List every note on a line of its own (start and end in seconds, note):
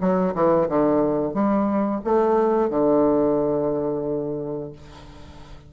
0.00 0.34 F#3
0.34 0.68 E3
0.69 1.34 D3
1.34 2.01 G3
2.04 2.70 A3
2.70 4.72 D3